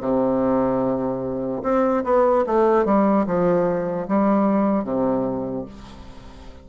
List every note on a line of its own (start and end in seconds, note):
0.00 1.62 C3
1.63 2.03 C4
2.04 2.44 B3
2.46 2.85 A3
2.85 3.25 G3
3.26 4.07 F3
4.08 4.84 G3
4.84 5.65 C3